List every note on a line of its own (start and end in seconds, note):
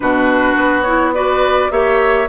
0.00 0.55 B2
0.00 0.85 D4
0.00 1.14 F#4
0.00 0.81 B4
0.55 1.69 B3
0.81 1.14 E4
0.81 1.10 C#5
1.14 1.70 F#4
1.14 1.71 B4
1.14 1.71 D5
1.70 2.28 A#3
1.70 2.27 G4
1.70 2.29 C#5
1.70 2.28 E5